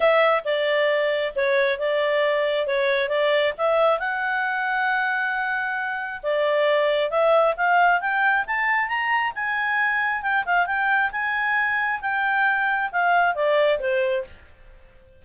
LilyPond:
\new Staff \with { instrumentName = "clarinet" } { \time 4/4 \tempo 4 = 135 e''4 d''2 cis''4 | d''2 cis''4 d''4 | e''4 fis''2.~ | fis''2 d''2 |
e''4 f''4 g''4 a''4 | ais''4 gis''2 g''8 f''8 | g''4 gis''2 g''4~ | g''4 f''4 d''4 c''4 | }